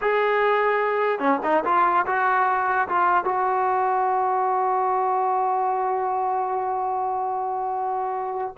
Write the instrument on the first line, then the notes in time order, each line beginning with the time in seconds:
trombone
0.01 G#4
1.19 C#4
1.43 D#4
1.64 F4
2.06 F#4
2.88 F4
3.24 F#4